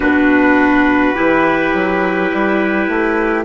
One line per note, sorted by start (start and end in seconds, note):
0.00 1.14 B2
0.00 1.14 D4
0.00 1.15 F#4
0.00 3.44 B4
1.14 1.73 E3
1.14 3.44 E4
1.14 3.44 G4
1.73 2.31 F#3
2.32 2.88 G3
2.88 3.44 A3